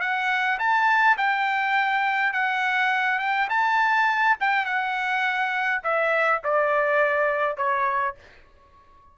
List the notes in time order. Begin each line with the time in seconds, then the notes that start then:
0.00 F#5
0.59 A5
1.18 G5
2.33 F#5
3.19 G5
3.50 A5
4.40 G5
4.65 F#5
5.83 E5
6.44 D5
7.57 C#5